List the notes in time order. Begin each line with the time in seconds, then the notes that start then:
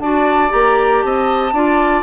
0.00 D4 F#4 D5 A5
0.49 A#3 G4 A#5
1.02 C4 D#5 A5
1.53 D4 F4 D5